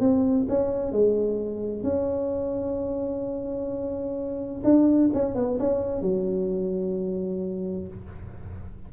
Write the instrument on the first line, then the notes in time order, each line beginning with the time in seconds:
tuba
0.00 C4
0.49 C#4
0.92 G#3
1.83 C#4
4.64 D4
5.14 C#4
5.35 B3
5.59 C#4
6.02 F#3